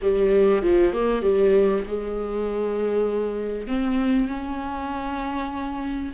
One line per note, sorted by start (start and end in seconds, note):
0.02 0.62 G3
0.62 0.93 F3
0.93 1.21 A#3
1.21 1.83 G3
1.87 3.67 G#3
3.67 4.27 C4
4.27 6.11 C#4